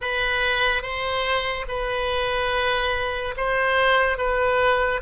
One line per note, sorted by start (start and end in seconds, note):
0.01 0.82 B4
0.82 1.65 C5
1.68 3.34 B4
3.36 4.17 C5
4.17 5.00 B4